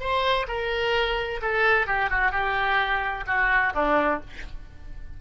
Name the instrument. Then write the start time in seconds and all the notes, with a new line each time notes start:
oboe
0.00 C5
0.48 A#4
1.42 A4
1.87 G4
2.10 F#4
2.32 G4
3.27 F#4
3.74 D4